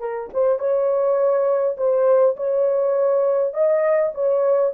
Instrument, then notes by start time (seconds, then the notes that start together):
horn
0.00 A#4
0.34 C5
0.59 C#5
1.77 C5
2.37 C#5
3.54 D#5
4.15 C#5